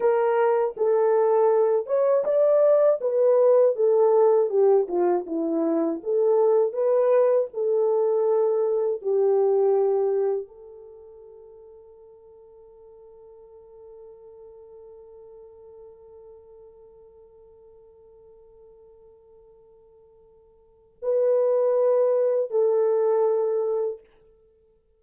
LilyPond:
\new Staff \with { instrumentName = "horn" } { \time 4/4 \tempo 4 = 80 ais'4 a'4. cis''8 d''4 | b'4 a'4 g'8 f'8 e'4 | a'4 b'4 a'2 | g'2 a'2~ |
a'1~ | a'1~ | a'1 | b'2 a'2 | }